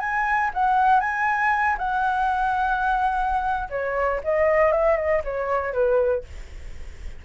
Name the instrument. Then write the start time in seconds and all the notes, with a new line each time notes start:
flute
0.00 G#5
0.54 F#5
1.01 G#5
1.78 F#5
3.70 C#5
4.24 D#5
4.72 E5
4.97 D#5
5.25 C#5
5.74 B4